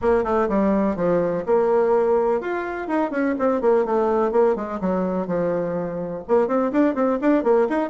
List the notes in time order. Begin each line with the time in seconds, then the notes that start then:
0.01 A#3
0.24 A3
0.48 G3
0.96 F3
1.46 A#3
2.40 F4
2.87 D#4
3.10 C#4
3.38 C4
3.61 A#3
3.85 A3
4.31 A#3
4.55 G#3
4.80 F#3
5.27 F3
6.27 A#3
6.47 C4
6.72 D4
6.94 C4
7.21 D4
7.43 A#3
7.69 D#4